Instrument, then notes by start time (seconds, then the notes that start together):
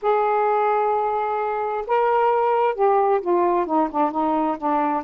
saxophone
0.02 G#4
1.87 A#4
2.74 G4
3.21 F4
3.65 D#4
3.91 D4
4.11 D#4
4.57 D4